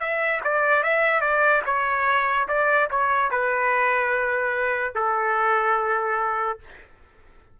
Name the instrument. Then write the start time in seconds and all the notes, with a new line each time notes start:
trumpet
0.00 E5
0.44 D5
0.83 E5
1.21 D5
1.66 C#5
2.48 D5
2.90 C#5
3.31 B4
4.95 A4